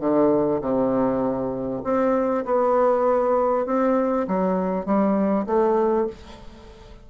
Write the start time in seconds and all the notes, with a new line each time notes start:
0.00 D3
0.61 C3
1.84 C4
2.45 B3
3.66 C4
4.28 F#3
4.85 G3
5.46 A3